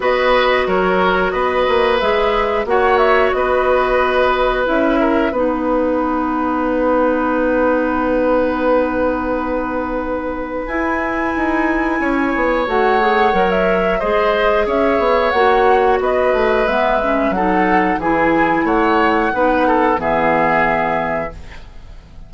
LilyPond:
<<
  \new Staff \with { instrumentName = "flute" } { \time 4/4 \tempo 4 = 90 dis''4 cis''4 dis''4 e''4 | fis''8 e''8 dis''2 e''4 | fis''1~ | fis''1 |
gis''2. fis''4~ | fis''16 e''8. dis''4 e''4 fis''4 | dis''4 e''4 fis''4 gis''4 | fis''2 e''2 | }
  \new Staff \with { instrumentName = "oboe" } { \time 4/4 b'4 ais'4 b'2 | cis''4 b'2~ b'8 ais'8 | b'1~ | b'1~ |
b'2 cis''2~ | cis''4 c''4 cis''2 | b'2 a'4 gis'4 | cis''4 b'8 a'8 gis'2 | }
  \new Staff \with { instrumentName = "clarinet" } { \time 4/4 fis'2. gis'4 | fis'2. e'4 | dis'1~ | dis'1 |
e'2. fis'8 gis'8 | ais'4 gis'2 fis'4~ | fis'4 b8 cis'8 dis'4 e'4~ | e'4 dis'4 b2 | }
  \new Staff \with { instrumentName = "bassoon" } { \time 4/4 b4 fis4 b8 ais8 gis4 | ais4 b2 cis'4 | b1~ | b1 |
e'4 dis'4 cis'8 b8 a4 | fis4 gis4 cis'8 b8 ais4 | b8 a8 gis4 fis4 e4 | a4 b4 e2 | }
>>